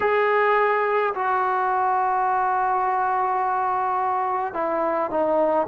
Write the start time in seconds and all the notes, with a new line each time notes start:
0.00 G#4
1.14 F#4
4.53 E4
5.10 D#4